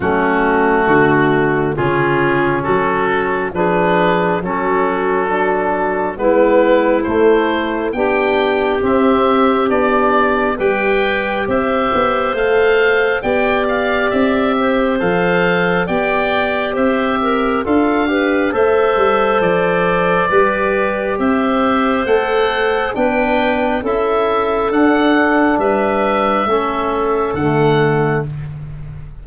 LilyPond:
<<
  \new Staff \with { instrumentName = "oboe" } { \time 4/4 \tempo 4 = 68 fis'2 gis'4 a'4 | b'4 a'2 b'4 | c''4 g''4 e''4 d''4 | g''4 e''4 f''4 g''8 f''8 |
e''4 f''4 g''4 e''4 | f''4 e''4 d''2 | e''4 fis''4 g''4 e''4 | fis''4 e''2 fis''4 | }
  \new Staff \with { instrumentName = "clarinet" } { \time 4/4 cis'4 fis'4 f'4 fis'4 | gis'4 fis'2 e'4~ | e'4 g'2. | b'4 c''2 d''4~ |
d''8 c''4. d''4 c''8 ais'8 | a'8 b'8 c''2 b'4 | c''2 b'4 a'4~ | a'4 b'4 a'2 | }
  \new Staff \with { instrumentName = "trombone" } { \time 4/4 a2 cis'2 | d'4 cis'4 d'4 b4 | a4 d'4 c'4 d'4 | g'2 a'4 g'4~ |
g'4 a'4 g'2 | f'8 g'8 a'2 g'4~ | g'4 a'4 d'4 e'4 | d'2 cis'4 a4 | }
  \new Staff \with { instrumentName = "tuba" } { \time 4/4 fis4 d4 cis4 fis4 | f4 fis2 gis4 | a4 b4 c'4 b4 | g4 c'8 b8 a4 b4 |
c'4 f4 b4 c'4 | d'4 a8 g8 f4 g4 | c'4 a4 b4 cis'4 | d'4 g4 a4 d4 | }
>>